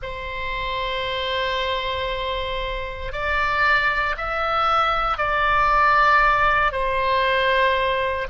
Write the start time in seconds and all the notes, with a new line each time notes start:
0.02 C5
3.12 D5
4.17 E5
5.17 D5
6.71 C5